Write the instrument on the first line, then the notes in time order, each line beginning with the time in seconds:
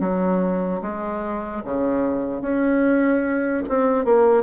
bassoon
0.00 F#3
0.81 G#3
1.64 C#3
2.41 C#4
3.69 C4
4.05 A#3